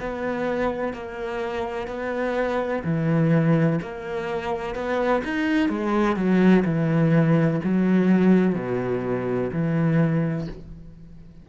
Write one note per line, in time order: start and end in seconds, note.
0.00 0.94 B3
0.94 1.87 A#3
1.87 2.83 B3
2.84 3.80 E3
3.82 4.75 A#3
4.75 5.23 B3
5.24 5.69 D#4
5.69 6.16 G#3
6.16 6.64 F#3
6.65 7.61 E3
7.64 8.55 F#3
8.55 9.51 B2
9.53 10.48 E3